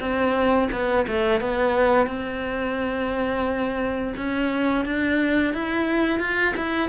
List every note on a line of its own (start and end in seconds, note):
0.00 0.69 C4
0.72 1.07 B3
1.08 1.41 A3
1.41 2.07 B3
2.07 4.14 C4
4.17 4.86 C#4
4.86 5.54 D4
5.54 6.20 E4
6.20 6.55 F4
6.57 6.90 E4